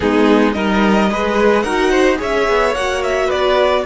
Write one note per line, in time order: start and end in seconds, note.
0.00 0.55 G#3
0.00 0.54 B3
0.00 0.54 D#4
0.00 0.52 G#4
0.52 1.10 G3
0.52 1.09 D#4
0.52 1.10 A#4
0.52 1.62 D#5
1.10 1.64 G#3
1.10 1.65 G#4
1.10 1.63 B4
1.62 2.19 D#4
1.62 2.16 F#4
1.62 1.90 A#4
1.62 2.17 F#5
1.90 2.18 C5
2.16 2.48 C#4
2.16 2.71 G#4
2.16 3.26 C#5
2.16 2.74 E5
2.48 2.75 B3
2.74 3.30 A#3
2.74 3.85 F#4
2.74 3.02 F#5
3.02 3.29 E5
3.26 3.85 B3
3.26 3.81 B4
3.26 3.85 D5